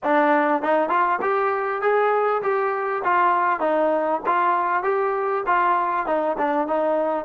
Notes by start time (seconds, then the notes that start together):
0.03 D4
0.62 D#4
0.89 F4
1.21 G4
1.81 G#4
2.42 G4
3.04 F4
3.60 D#4
4.26 F4
4.83 G4
5.46 F4
6.06 D#4
6.37 D4
6.67 D#4